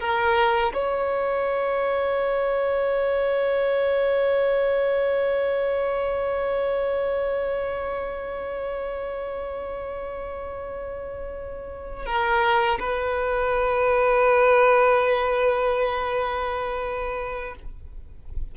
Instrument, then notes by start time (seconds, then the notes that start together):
violin
0.00 A#4
0.74 C#5
12.06 A#4
12.79 B4